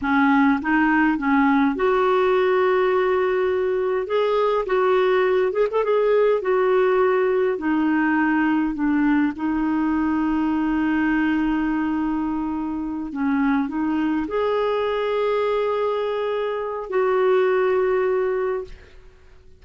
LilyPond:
\new Staff \with { instrumentName = "clarinet" } { \time 4/4 \tempo 4 = 103 cis'4 dis'4 cis'4 fis'4~ | fis'2. gis'4 | fis'4. gis'16 a'16 gis'4 fis'4~ | fis'4 dis'2 d'4 |
dis'1~ | dis'2~ dis'8 cis'4 dis'8~ | dis'8 gis'2.~ gis'8~ | gis'4 fis'2. | }